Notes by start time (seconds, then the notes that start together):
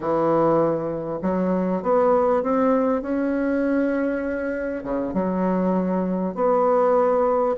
0.00 E3
1.21 F#3
1.82 B3
2.42 C4
3.01 C#4
4.83 C#3
5.13 F#3
6.34 B3